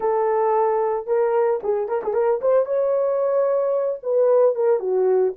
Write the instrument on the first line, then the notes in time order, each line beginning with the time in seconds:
horn
0.00 A4
1.07 A#4
1.63 G#4
1.88 A#4
2.03 G#4
2.13 A#4
2.41 C5
2.65 C#5
4.02 B4
4.55 A#4
4.79 F#4